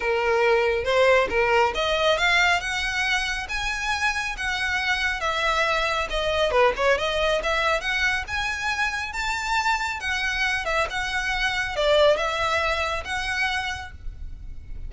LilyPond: \new Staff \with { instrumentName = "violin" } { \time 4/4 \tempo 4 = 138 ais'2 c''4 ais'4 | dis''4 f''4 fis''2 | gis''2 fis''2 | e''2 dis''4 b'8 cis''8 |
dis''4 e''4 fis''4 gis''4~ | gis''4 a''2 fis''4~ | fis''8 e''8 fis''2 d''4 | e''2 fis''2 | }